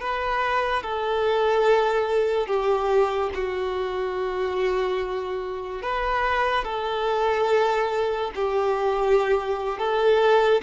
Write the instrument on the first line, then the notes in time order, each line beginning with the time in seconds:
violin
0.00 B4
0.82 A4
2.47 G4
3.34 F#4
5.82 B4
6.64 A4
8.35 G4
9.78 A4